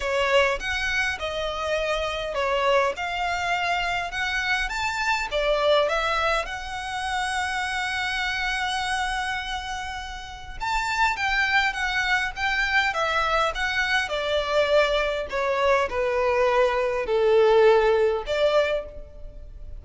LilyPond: \new Staff \with { instrumentName = "violin" } { \time 4/4 \tempo 4 = 102 cis''4 fis''4 dis''2 | cis''4 f''2 fis''4 | a''4 d''4 e''4 fis''4~ | fis''1~ |
fis''2 a''4 g''4 | fis''4 g''4 e''4 fis''4 | d''2 cis''4 b'4~ | b'4 a'2 d''4 | }